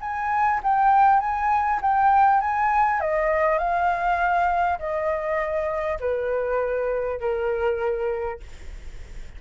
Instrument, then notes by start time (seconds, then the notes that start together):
flute
0.00 G#5
0.63 G5
1.19 G#5
1.81 G5
2.40 G#5
3.00 D#5
3.58 F5
4.78 D#5
5.99 B4
7.20 A#4